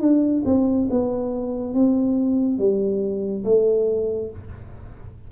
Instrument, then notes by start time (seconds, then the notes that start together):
tuba
0.00 D4
0.45 C4
0.90 B3
1.74 C4
2.58 G3
3.44 A3